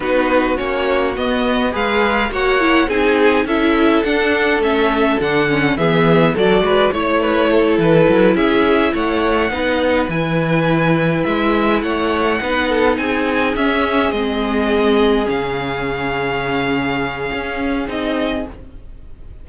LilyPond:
<<
  \new Staff \with { instrumentName = "violin" } { \time 4/4 \tempo 4 = 104 b'4 cis''4 dis''4 f''4 | fis''4 gis''4 e''4 fis''4 | e''4 fis''4 e''4 d''4 | cis''4. b'4 e''4 fis''8~ |
fis''4. gis''2 e''8~ | e''8 fis''2 gis''4 e''8~ | e''8 dis''2 f''4.~ | f''2. dis''4 | }
  \new Staff \with { instrumentName = "violin" } { \time 4/4 fis'2. b'4 | cis''4 gis'4 a'2~ | a'2 gis'4 a'8 b'8 | cis''8 b'8 a'4. gis'4 cis''8~ |
cis''8 b'2.~ b'8~ | b'8 cis''4 b'8 a'8 gis'4.~ | gis'1~ | gis'1 | }
  \new Staff \with { instrumentName = "viola" } { \time 4/4 dis'4 cis'4 b4 gis'4 | fis'8 e'8 dis'4 e'4 d'4 | cis'4 d'8 cis'8 b4 fis'4 | e'1~ |
e'8 dis'4 e'2~ e'8~ | e'4. dis'2 cis'8~ | cis'8 c'2 cis'4.~ | cis'2. dis'4 | }
  \new Staff \with { instrumentName = "cello" } { \time 4/4 b4 ais4 b4 gis4 | ais4 c'4 cis'4 d'4 | a4 d4 e4 fis8 gis8 | a4. e8 fis8 cis'4 a8~ |
a8 b4 e2 gis8~ | gis8 a4 b4 c'4 cis'8~ | cis'8 gis2 cis4.~ | cis2 cis'4 c'4 | }
>>